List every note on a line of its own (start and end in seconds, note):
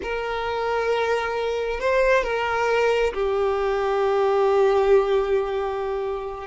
0.02 1.80 A#4
1.80 2.23 C5
2.23 3.13 A#4
3.13 6.47 G4